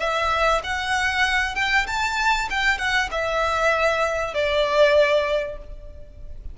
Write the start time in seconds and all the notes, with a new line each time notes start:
0.00 E5
0.64 F#5
1.56 G5
1.87 A5
2.51 G5
2.78 F#5
3.12 E5
4.34 D5